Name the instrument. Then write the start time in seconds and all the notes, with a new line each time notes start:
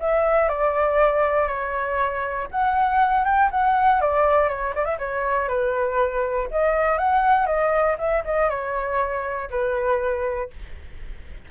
flute
0.00 E5
0.49 D5
1.48 C#5
2.51 F#5
3.25 G5
3.51 F#5
4.01 D5
4.49 C#5
4.75 D5
4.85 E5
4.99 C#5
5.49 B4
6.51 D#5
6.99 F#5
7.46 D#5
7.99 E5
8.25 D#5
8.50 C#5
9.50 B4